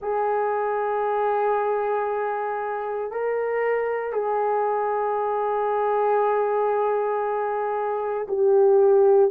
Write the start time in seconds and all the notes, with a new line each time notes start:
0.01 G#4
3.11 A#4
4.12 G#4
8.28 G4